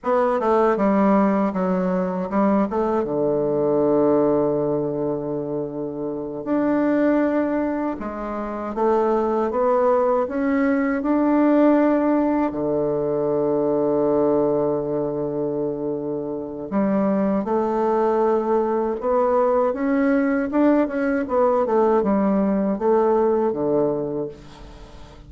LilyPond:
\new Staff \with { instrumentName = "bassoon" } { \time 4/4 \tempo 4 = 79 b8 a8 g4 fis4 g8 a8 | d1~ | d8 d'2 gis4 a8~ | a8 b4 cis'4 d'4.~ |
d'8 d2.~ d8~ | d2 g4 a4~ | a4 b4 cis'4 d'8 cis'8 | b8 a8 g4 a4 d4 | }